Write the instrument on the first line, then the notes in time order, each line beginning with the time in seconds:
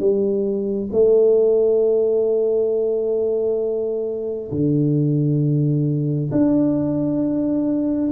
tuba
0.00 G3
0.93 A3
4.52 D3
6.32 D4